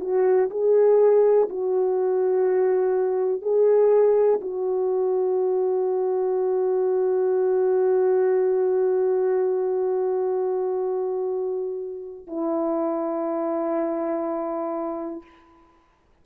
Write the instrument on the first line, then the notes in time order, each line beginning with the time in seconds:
horn
0.00 F#4
0.50 G#4
1.49 F#4
3.42 G#4
4.41 F#4
12.27 E4